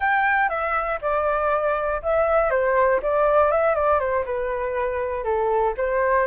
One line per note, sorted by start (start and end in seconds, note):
0.00 0.49 G5
0.49 0.99 E5
1.01 2.01 D5
2.02 2.50 E5
2.50 3.00 C5
3.02 3.51 D5
3.51 3.74 E5
3.74 3.99 D5
3.99 4.24 C5
4.25 5.24 B4
5.24 5.74 A4
5.77 6.26 C5